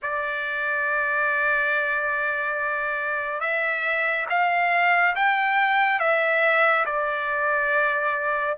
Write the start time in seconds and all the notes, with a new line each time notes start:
0.02 D5
3.40 E5
4.29 F5
5.15 G5
5.99 E5
6.85 D5